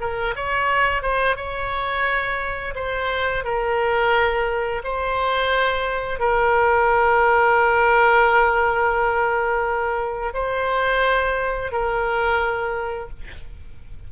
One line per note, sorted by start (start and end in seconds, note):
0.00 0.34 A#4
0.36 1.02 C#5
1.02 1.36 C5
1.36 2.74 C#5
2.75 3.44 C5
3.44 4.82 A#4
4.83 6.19 C5
6.19 10.33 A#4
10.34 11.71 C5
11.71 13.09 A#4